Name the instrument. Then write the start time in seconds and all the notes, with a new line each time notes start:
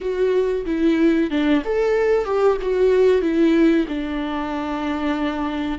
viola
0.00 F#4
0.65 E4
1.30 D4
1.64 A4
2.25 G4
2.61 F#4
3.21 E4
3.88 D4